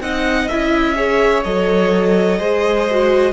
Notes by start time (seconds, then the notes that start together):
0.00 C4 D#4 D#5 F#5
0.48 C#4 E4 E5
0.96 G#4 C#5
1.44 F#3 A4 D#5
2.39 G#3 G#4 C5
2.91 F#4